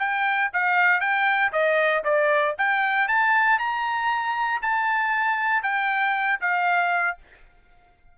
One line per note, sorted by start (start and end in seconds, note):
0.00 0.51 G5
0.54 1.01 F5
1.01 1.52 G5
1.53 2.04 D#5
2.04 2.56 D5
2.59 3.08 G5
3.08 3.59 A5
3.59 4.62 A#5
4.62 5.63 A5
5.63 6.40 G5
6.41 7.18 F5